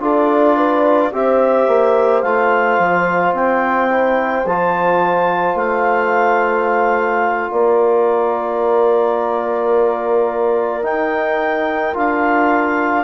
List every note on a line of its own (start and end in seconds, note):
0.00 1.11 D4
0.00 1.11 F4
0.00 0.56 A4
0.00 1.12 D5
0.56 1.12 B4
1.12 1.67 C4
1.12 2.23 G4
1.12 7.51 C5
1.12 2.21 E5
1.67 2.23 A#3
2.21 2.78 A3
2.21 3.90 F4
2.21 3.32 F5
2.78 3.32 F3
3.32 4.43 C4
3.32 4.46 G5
3.90 4.46 E4
4.44 5.54 F3
4.44 10.82 F4
4.44 5.56 A5
5.54 7.49 A3
5.54 7.51 F5
7.51 10.85 A#3
7.51 13.04 A#4
7.51 10.84 D5
10.82 11.93 D#4
10.82 11.95 D#4
10.82 11.95 G5
11.93 13.04 D4
11.93 13.04 F4
11.93 13.04 F5